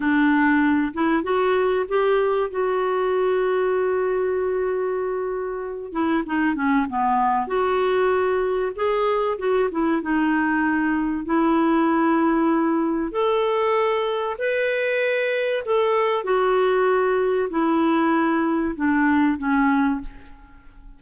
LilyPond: \new Staff \with { instrumentName = "clarinet" } { \time 4/4 \tempo 4 = 96 d'4. e'8 fis'4 g'4 | fis'1~ | fis'4. e'8 dis'8 cis'8 b4 | fis'2 gis'4 fis'8 e'8 |
dis'2 e'2~ | e'4 a'2 b'4~ | b'4 a'4 fis'2 | e'2 d'4 cis'4 | }